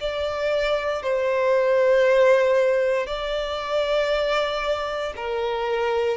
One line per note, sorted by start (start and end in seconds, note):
0.00 1.03 D5
1.03 3.07 C5
3.07 5.13 D5
5.16 6.17 A#4